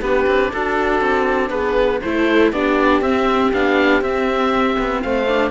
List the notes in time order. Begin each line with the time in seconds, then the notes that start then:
0.00 B3 D4 G4 B4
0.27 C4
0.52 D4 F#4 A4
1.01 C4
1.50 B3 G#4 B4
2.01 A3 E4 A4 C5
2.52 B3 D4 G4 D5
3.01 C4 E5
3.53 B3 D4 F5
4.01 C4 E5
4.78 B3
5.01 A3 C5 F5
5.28 D4